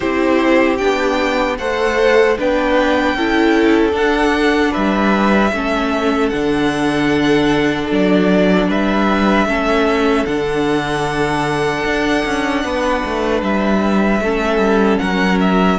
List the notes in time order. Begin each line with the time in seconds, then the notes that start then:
0.00 C4 E4 G4 C5
0.77 B3 D4 G5
1.58 A3 A4 C5 F#5
2.37 B3 D4 B4 G5
3.13 C#4 E4 A4
3.91 D4 F#5
4.71 G3 B4 E5
5.52 A3 C#4 A4
6.29 D3 D4 F#5
7.90 F#3 D5
8.68 G3 B4 E5
9.45 A3 C#4 A4
10.25 D3 D4 F#5
11.85 D4
12.25 C#4
12.64 B3 B4
13.05 A3
13.42 G3 E5
14.21 A3 C#4 A4
14.58 G3
14.98 F#3 A#4 F#5
15.40 E5